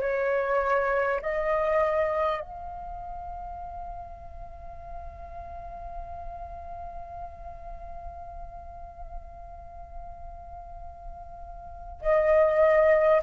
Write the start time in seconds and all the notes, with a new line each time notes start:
0.00 C#5
1.21 D#5
2.41 F5
12.01 D#5